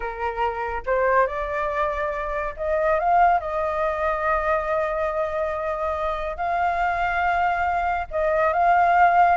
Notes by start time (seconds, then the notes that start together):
0.00 A#4
0.85 C5
1.26 D5
2.56 D#5
2.99 F5
3.39 D#5
6.36 F5
8.11 D#5
8.53 F5